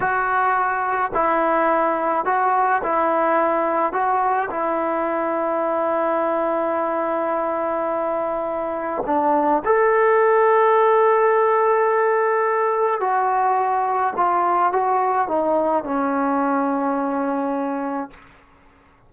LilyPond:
\new Staff \with { instrumentName = "trombone" } { \time 4/4 \tempo 4 = 106 fis'2 e'2 | fis'4 e'2 fis'4 | e'1~ | e'1 |
d'4 a'2.~ | a'2. fis'4~ | fis'4 f'4 fis'4 dis'4 | cis'1 | }